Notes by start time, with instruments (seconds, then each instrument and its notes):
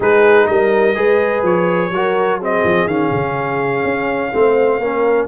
0.00 tuba G#3, trombone D#4, horn G#4, trumpet B4
0.46 tuba G3, horn A#4, trumpet D#5
0.95 tuba G#3, trombone G#4, horn B4
1.42 tuba F3, trumpet C#5
1.90 tuba F#3, trombone F#4, horn A#4
2.38 trombone C4, horn G#4, trumpet D#5
2.64 tuba F3
2.86 tuba D#3, trombone C#4, trumpet F5
3.11 tuba C#3
3.84 tuba C#4
4.32 tuba A3, trombone C4, horn C5
4.79 tuba A#3, trombone C#4, horn A#4